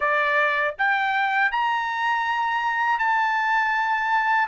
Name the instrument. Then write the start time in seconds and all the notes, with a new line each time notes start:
trumpet
0.00 D5
0.78 G5
1.51 A#5
2.98 A5